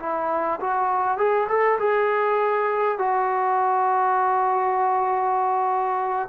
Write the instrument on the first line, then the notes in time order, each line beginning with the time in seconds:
trombone
0.00 E4
0.61 F#4
1.18 G#4
1.49 A4
1.80 G#4
2.99 F#4